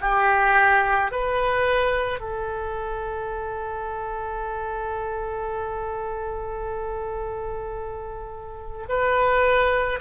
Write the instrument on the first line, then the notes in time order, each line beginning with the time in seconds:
oboe
0.00 G4
1.11 B4
2.19 A4
8.88 B4